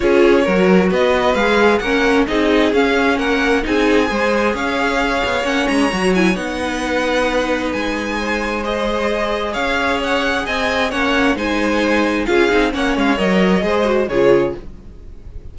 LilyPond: <<
  \new Staff \with { instrumentName = "violin" } { \time 4/4 \tempo 4 = 132 cis''2 dis''4 f''4 | fis''4 dis''4 f''4 fis''4 | gis''2 f''2 | fis''8 ais''4 gis''8 fis''2~ |
fis''4 gis''2 dis''4~ | dis''4 f''4 fis''4 gis''4 | fis''4 gis''2 f''4 | fis''8 f''8 dis''2 cis''4 | }
  \new Staff \with { instrumentName = "violin" } { \time 4/4 gis'4 ais'4 b'2 | ais'4 gis'2 ais'4 | gis'4 c''4 cis''2~ | cis''2~ cis''8 b'4.~ |
b'2 c''2~ | c''4 cis''2 dis''4 | cis''4 c''2 gis'4 | cis''2 c''4 gis'4 | }
  \new Staff \with { instrumentName = "viola" } { \time 4/4 f'4 fis'2 gis'4 | cis'4 dis'4 cis'2 | dis'4 gis'2. | cis'4 fis'8 e'8 dis'2~ |
dis'2. gis'4~ | gis'1 | cis'4 dis'2 f'8 dis'8 | cis'4 ais'4 gis'8 fis'8 f'4 | }
  \new Staff \with { instrumentName = "cello" } { \time 4/4 cis'4 fis4 b4 gis4 | ais4 c'4 cis'4 ais4 | c'4 gis4 cis'4. b8 | ais8 gis8 fis4 b2~ |
b4 gis2.~ | gis4 cis'2 c'4 | ais4 gis2 cis'8 c'8 | ais8 gis8 fis4 gis4 cis4 | }
>>